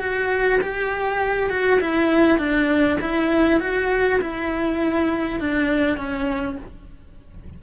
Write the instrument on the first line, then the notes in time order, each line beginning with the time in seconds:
cello
0.00 F#4
0.61 G4
1.50 F#4
1.81 E4
2.39 D4
3.01 E4
3.61 F#4
4.21 E4
5.40 D4
5.98 C#4